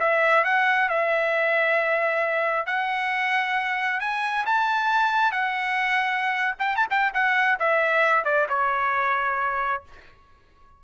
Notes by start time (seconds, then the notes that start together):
0.00 E5
0.44 F#5
0.89 E5
2.66 F#5
4.00 G#5
4.46 A5
5.32 F#5
6.59 G5
6.76 A5
6.90 G5
7.14 F#5
7.60 E5
8.25 D5
8.49 C#5